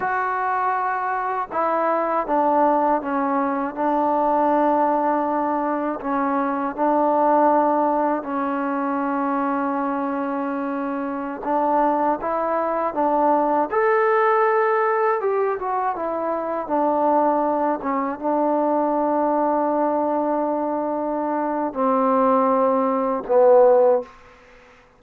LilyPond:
\new Staff \with { instrumentName = "trombone" } { \time 4/4 \tempo 4 = 80 fis'2 e'4 d'4 | cis'4 d'2. | cis'4 d'2 cis'4~ | cis'2.~ cis'16 d'8.~ |
d'16 e'4 d'4 a'4.~ a'16~ | a'16 g'8 fis'8 e'4 d'4. cis'16~ | cis'16 d'2.~ d'8.~ | d'4 c'2 b4 | }